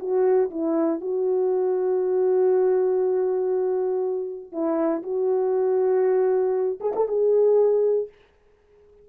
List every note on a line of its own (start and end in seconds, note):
0.00 0.50 F#4
0.51 1.01 E4
1.01 4.52 F#4
4.52 5.03 E4
5.03 6.80 F#4
6.81 6.94 G#4
6.96 7.08 A4
7.08 8.09 G#4